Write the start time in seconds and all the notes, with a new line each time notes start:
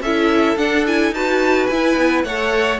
0.00 C#4 E4 A4 E5
0.56 D4 F#5
0.86 E4 G#5
1.11 D#4 F#4 B4 A5
1.66 E4 G#5
1.96 B3
2.24 A3 A4 C#5 F#5